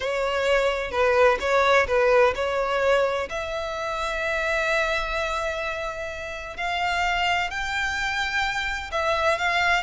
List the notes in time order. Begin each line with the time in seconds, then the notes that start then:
0.00 C#5
0.91 B4
1.39 C#5
1.87 B4
2.35 C#5
3.29 E5
6.56 F5
7.50 G5
8.91 E5
9.38 F5